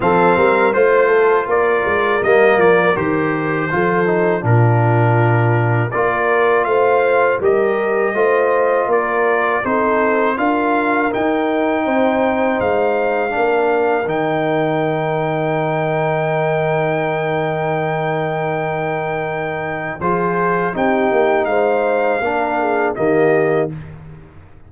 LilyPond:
<<
  \new Staff \with { instrumentName = "trumpet" } { \time 4/4 \tempo 4 = 81 f''4 c''4 d''4 dis''8 d''8 | c''2 ais'2 | d''4 f''4 dis''2 | d''4 c''4 f''4 g''4~ |
g''4 f''2 g''4~ | g''1~ | g''2. c''4 | g''4 f''2 dis''4 | }
  \new Staff \with { instrumentName = "horn" } { \time 4/4 a'8 ais'8 c''8 a'8 ais'2~ | ais'4 a'4 f'2 | ais'4 c''4 ais'4 c''4 | ais'4 a'4 ais'2 |
c''2 ais'2~ | ais'1~ | ais'2. gis'4 | g'4 c''4 ais'8 gis'8 g'4 | }
  \new Staff \with { instrumentName = "trombone" } { \time 4/4 c'4 f'2 ais4 | g'4 f'8 dis'8 d'2 | f'2 g'4 f'4~ | f'4 dis'4 f'4 dis'4~ |
dis'2 d'4 dis'4~ | dis'1~ | dis'2. f'4 | dis'2 d'4 ais4 | }
  \new Staff \with { instrumentName = "tuba" } { \time 4/4 f8 g8 a4 ais8 gis8 g8 f8 | dis4 f4 ais,2 | ais4 a4 g4 a4 | ais4 c'4 d'4 dis'4 |
c'4 gis4 ais4 dis4~ | dis1~ | dis2. f4 | c'8 ais8 gis4 ais4 dis4 | }
>>